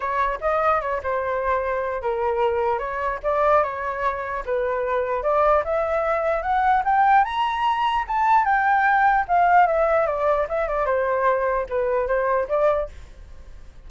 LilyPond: \new Staff \with { instrumentName = "flute" } { \time 4/4 \tempo 4 = 149 cis''4 dis''4 cis''8 c''4.~ | c''4 ais'2 cis''4 | d''4 cis''2 b'4~ | b'4 d''4 e''2 |
fis''4 g''4 ais''2 | a''4 g''2 f''4 | e''4 d''4 e''8 d''8 c''4~ | c''4 b'4 c''4 d''4 | }